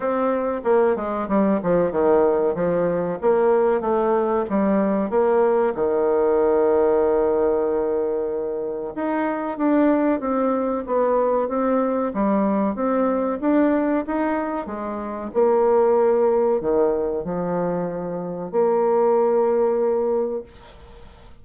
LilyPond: \new Staff \with { instrumentName = "bassoon" } { \time 4/4 \tempo 4 = 94 c'4 ais8 gis8 g8 f8 dis4 | f4 ais4 a4 g4 | ais4 dis2.~ | dis2 dis'4 d'4 |
c'4 b4 c'4 g4 | c'4 d'4 dis'4 gis4 | ais2 dis4 f4~ | f4 ais2. | }